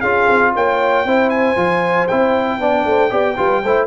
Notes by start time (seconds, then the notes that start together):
0.00 C#4 F4 G#4 F5
0.28 C4
0.54 A#3 C#5 G5
1.04 C4 E4 C5
1.29 G#5
1.56 F3 F4
2.07 C4 E4 G5
2.59 B3 D4 D5
2.85 A3 C5
3.10 B3 G4 D5
3.36 G3 F4 B4
3.62 A3 E4 C5